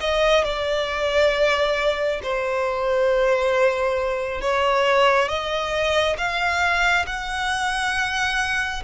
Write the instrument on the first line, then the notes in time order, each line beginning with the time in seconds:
violin
0.00 D#5
0.44 D5
2.23 C5
4.42 C#5
5.28 D#5
6.18 F5
7.06 F#5